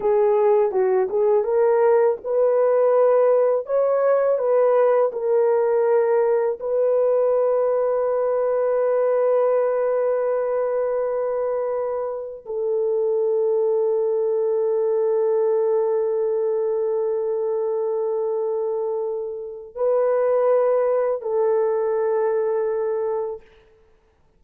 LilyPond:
\new Staff \with { instrumentName = "horn" } { \time 4/4 \tempo 4 = 82 gis'4 fis'8 gis'8 ais'4 b'4~ | b'4 cis''4 b'4 ais'4~ | ais'4 b'2.~ | b'1~ |
b'4 a'2.~ | a'1~ | a'2. b'4~ | b'4 a'2. | }